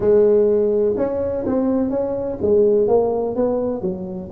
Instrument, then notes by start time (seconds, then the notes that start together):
tuba
0.00 G#3
0.97 C#4
1.46 C4
1.89 C#4
2.41 G#3
2.87 A#3
3.35 B3
3.81 F#3